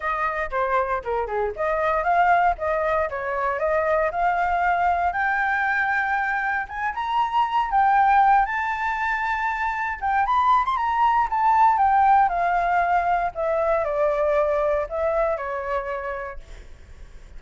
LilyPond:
\new Staff \with { instrumentName = "flute" } { \time 4/4 \tempo 4 = 117 dis''4 c''4 ais'8 gis'8 dis''4 | f''4 dis''4 cis''4 dis''4 | f''2 g''2~ | g''4 gis''8 ais''4. g''4~ |
g''8 a''2. g''8 | b''8. c'''16 ais''4 a''4 g''4 | f''2 e''4 d''4~ | d''4 e''4 cis''2 | }